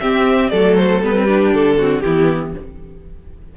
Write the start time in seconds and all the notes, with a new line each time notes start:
0.00 C4 G4 E5
0.50 F#3 A3 A4 D5
0.77 C5
1.02 G3 B3 B4
1.16 C4
1.24 D4 G4
1.53 D3 A4
1.78 C4 F#4
2.00 E3 B3 E4 G4